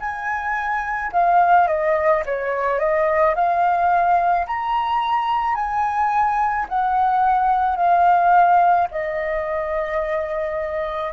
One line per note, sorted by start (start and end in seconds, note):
0.00 1.11 G#5
1.12 1.67 F5
1.67 2.23 D#5
2.25 2.79 C#5
2.79 3.34 D#5
3.35 4.46 F5
4.46 5.55 A#5
5.55 6.66 G#5
6.69 7.76 F#5
7.76 8.87 F5
8.91 11.12 D#5